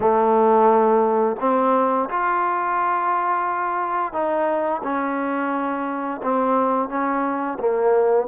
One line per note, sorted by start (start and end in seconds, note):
0.00 1.36 A3
1.39 2.09 C4
2.09 4.12 F4
4.12 4.81 D#4
4.83 6.21 C#4
6.23 6.88 C4
6.88 7.57 C#4
7.59 8.27 A#3